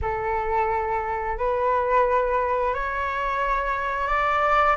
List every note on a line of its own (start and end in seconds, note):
0.01 1.38 A4
1.38 2.74 B4
2.74 4.07 C#5
4.07 4.75 D5